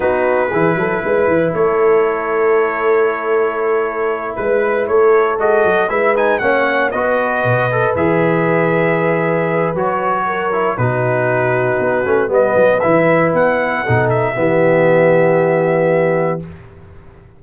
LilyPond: <<
  \new Staff \with { instrumentName = "trumpet" } { \time 4/4 \tempo 4 = 117 b'2. cis''4~ | cis''1~ | cis''8 b'4 cis''4 dis''4 e''8 | gis''8 fis''4 dis''2 e''8~ |
e''2. cis''4~ | cis''4 b'2. | dis''4 e''4 fis''4. e''8~ | e''1 | }
  \new Staff \with { instrumentName = "horn" } { \time 4/4 fis'4 gis'8 a'8 b'4 a'4~ | a'1~ | a'8 b'4 a'2 b'8~ | b'8 cis''4 b'2~ b'8~ |
b'1 | ais'4 fis'2. | b'2. a'4 | g'1 | }
  \new Staff \with { instrumentName = "trombone" } { \time 4/4 dis'4 e'2.~ | e'1~ | e'2~ e'8 fis'4 e'8 | dis'8 cis'4 fis'4. a'8 gis'8~ |
gis'2. fis'4~ | fis'8 e'8 dis'2~ dis'8 cis'8 | b4 e'2 dis'4 | b1 | }
  \new Staff \with { instrumentName = "tuba" } { \time 4/4 b4 e8 fis8 gis8 e8 a4~ | a1~ | a8 gis4 a4 gis8 fis8 gis8~ | gis8 ais4 b4 b,4 e8~ |
e2. fis4~ | fis4 b,2 b8 a8 | g8 fis8 e4 b4 b,4 | e1 | }
>>